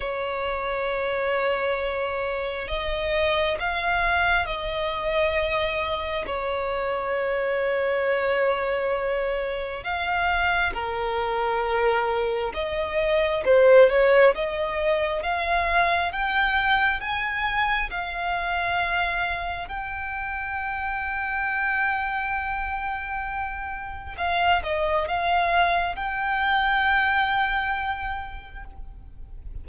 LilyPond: \new Staff \with { instrumentName = "violin" } { \time 4/4 \tempo 4 = 67 cis''2. dis''4 | f''4 dis''2 cis''4~ | cis''2. f''4 | ais'2 dis''4 c''8 cis''8 |
dis''4 f''4 g''4 gis''4 | f''2 g''2~ | g''2. f''8 dis''8 | f''4 g''2. | }